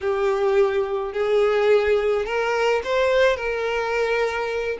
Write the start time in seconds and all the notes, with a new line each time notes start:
0.00 G4
1.12 G#4
2.25 A#4
2.84 C5
3.36 A#4